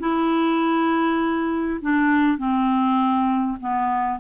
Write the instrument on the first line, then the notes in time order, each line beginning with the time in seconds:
clarinet
0.00 E4
1.82 D4
2.38 C4
3.60 B3